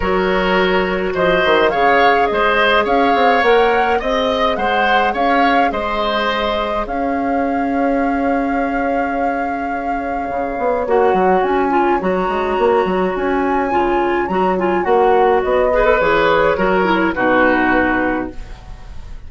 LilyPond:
<<
  \new Staff \with { instrumentName = "flute" } { \time 4/4 \tempo 4 = 105 cis''2 dis''4 f''4 | dis''4 f''4 fis''4 dis''4 | fis''4 f''4 dis''2 | f''1~ |
f''2. fis''4 | gis''4 ais''2 gis''4~ | gis''4 ais''8 gis''8 fis''4 dis''4 | cis''2 b'2 | }
  \new Staff \with { instrumentName = "oboe" } { \time 4/4 ais'2 c''4 cis''4 | c''4 cis''2 dis''4 | c''4 cis''4 c''2 | cis''1~ |
cis''1~ | cis''1~ | cis''2.~ cis''8 b'8~ | b'4 ais'4 fis'2 | }
  \new Staff \with { instrumentName = "clarinet" } { \time 4/4 fis'2. gis'4~ | gis'2 ais'4 gis'4~ | gis'1~ | gis'1~ |
gis'2. fis'4~ | fis'8 f'8 fis'2. | f'4 fis'8 f'8 fis'4. gis'16 a'16 | gis'4 fis'8 e'8 dis'2 | }
  \new Staff \with { instrumentName = "bassoon" } { \time 4/4 fis2 f8 dis8 cis4 | gis4 cis'8 c'8 ais4 c'4 | gis4 cis'4 gis2 | cis'1~ |
cis'2 cis8 b8 ais8 fis8 | cis'4 fis8 gis8 ais8 fis8 cis'4 | cis4 fis4 ais4 b4 | e4 fis4 b,2 | }
>>